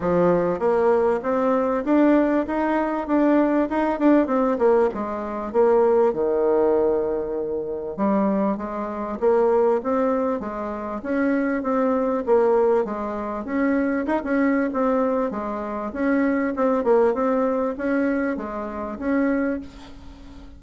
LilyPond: \new Staff \with { instrumentName = "bassoon" } { \time 4/4 \tempo 4 = 98 f4 ais4 c'4 d'4 | dis'4 d'4 dis'8 d'8 c'8 ais8 | gis4 ais4 dis2~ | dis4 g4 gis4 ais4 |
c'4 gis4 cis'4 c'4 | ais4 gis4 cis'4 dis'16 cis'8. | c'4 gis4 cis'4 c'8 ais8 | c'4 cis'4 gis4 cis'4 | }